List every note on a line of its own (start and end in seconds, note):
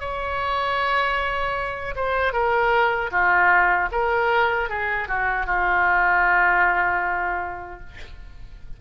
0.00 1.95 C#5
1.96 2.33 C5
2.33 3.11 A#4
3.11 3.89 F4
3.92 4.69 A#4
4.69 5.08 G#4
5.08 5.46 F#4
5.46 7.80 F4